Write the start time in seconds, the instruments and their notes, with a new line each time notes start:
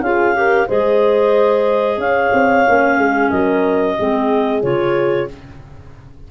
0.00 tuba C#4, clarinet F4 F5, horn G#4
0.34 clarinet G4, horn A#4
0.67 tuba G#3, clarinet G#4 D#5, horn C5
1.97 tuba C#4, horn C#5, clarinet F5
2.32 tuba C4
2.66 tuba A#3, clarinet C#4
2.98 tuba G#3, horn G#4
3.30 tuba F#3, horn A#4, clarinet D#5
3.98 tuba G#3, clarinet C4, horn G#4
4.62 tuba C#3, clarinet F4 C#5